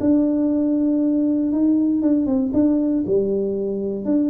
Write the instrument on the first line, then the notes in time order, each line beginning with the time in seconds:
tuba
0.00 D4
1.52 D#4
2.02 D4
2.26 C4
2.53 D4
3.07 G3
4.05 D4